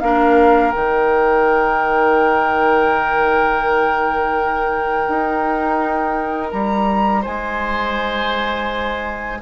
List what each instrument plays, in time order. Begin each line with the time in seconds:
0.00 bassoon A#3, clarinet D4, oboe A#4, flute F5
0.71 bassoon D#3, clarinet D#4, flute G5
5.08 bassoon D#4
6.50 bassoon G3, flute A#5
7.21 bassoon G#3, oboe C5, flute G#5